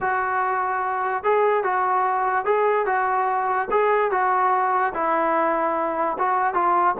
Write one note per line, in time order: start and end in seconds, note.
0.00 1.23 F#4
1.23 1.63 G#4
1.63 2.45 F#4
2.45 2.86 G#4
2.86 3.68 F#4
3.70 4.11 G#4
4.11 4.93 F#4
4.93 6.17 E4
6.18 6.54 F#4
6.54 6.95 F4